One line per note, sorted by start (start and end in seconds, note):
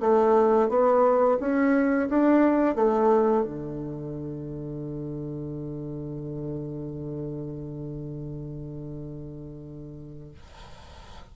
0.00 0.69 A3
0.69 1.38 B3
1.39 2.08 C#4
2.09 2.75 D4
2.75 3.44 A3
3.44 10.34 D3